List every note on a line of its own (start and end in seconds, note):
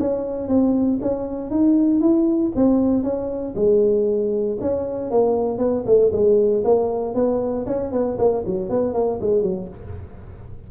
0.00 0.48 C#4
0.48 1.00 C4
1.02 1.51 C#4
1.51 2.01 D#4
2.01 2.52 E4
2.56 3.03 C4
3.03 3.55 C#4
3.55 4.58 G#3
4.61 5.11 C#4
5.11 5.58 A#3
5.58 5.84 B3
5.86 6.12 A3
6.13 6.64 G#3
6.65 7.15 A#3
7.15 7.66 B3
7.67 7.92 C#4
7.93 8.18 B3
8.19 8.45 A#3
8.46 8.70 F#3
8.70 8.94 B3
8.94 9.20 A#3
9.21 9.43 G#3
9.43 9.68 F#3